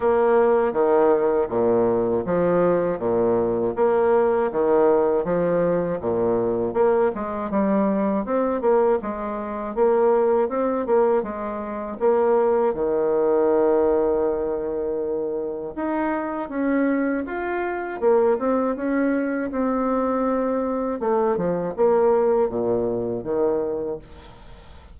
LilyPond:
\new Staff \with { instrumentName = "bassoon" } { \time 4/4 \tempo 4 = 80 ais4 dis4 ais,4 f4 | ais,4 ais4 dis4 f4 | ais,4 ais8 gis8 g4 c'8 ais8 | gis4 ais4 c'8 ais8 gis4 |
ais4 dis2.~ | dis4 dis'4 cis'4 f'4 | ais8 c'8 cis'4 c'2 | a8 f8 ais4 ais,4 dis4 | }